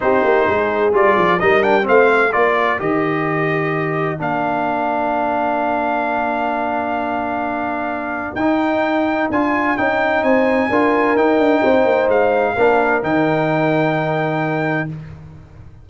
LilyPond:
<<
  \new Staff \with { instrumentName = "trumpet" } { \time 4/4 \tempo 4 = 129 c''2 d''4 dis''8 g''8 | f''4 d''4 dis''2~ | dis''4 f''2.~ | f''1~ |
f''2 g''2 | gis''4 g''4 gis''2 | g''2 f''2 | g''1 | }
  \new Staff \with { instrumentName = "horn" } { \time 4/4 g'4 gis'2 ais'4 | c''4 ais'2.~ | ais'1~ | ais'1~ |
ais'1~ | ais'2 c''4 ais'4~ | ais'4 c''2 ais'4~ | ais'1 | }
  \new Staff \with { instrumentName = "trombone" } { \time 4/4 dis'2 f'4 dis'8 d'8 | c'4 f'4 g'2~ | g'4 d'2.~ | d'1~ |
d'2 dis'2 | f'4 dis'2 f'4 | dis'2. d'4 | dis'1 | }
  \new Staff \with { instrumentName = "tuba" } { \time 4/4 c'8 ais8 gis4 g8 f8 g4 | a4 ais4 dis2~ | dis4 ais2.~ | ais1~ |
ais2 dis'2 | d'4 cis'4 c'4 d'4 | dis'8 d'8 c'8 ais8 gis4 ais4 | dis1 | }
>>